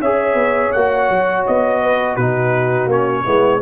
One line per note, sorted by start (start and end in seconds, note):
0.00 0.34 C#4
0.00 0.76 G#4
0.00 1.81 C#5
0.00 0.72 E5
0.34 0.70 B3
0.72 1.09 A#3
0.72 2.20 F#4
0.72 1.44 F#5
1.09 1.45 F#3
1.46 2.16 B3
1.46 2.16 D#5
1.81 2.14 B4
2.14 2.86 B2
2.14 2.90 D#4
2.14 3.22 F#4
2.14 2.88 B4
2.86 3.22 A#3
2.86 3.24 C#4
2.86 3.61 C#5
3.24 3.61 G#3
3.24 3.61 B3
3.24 3.61 E4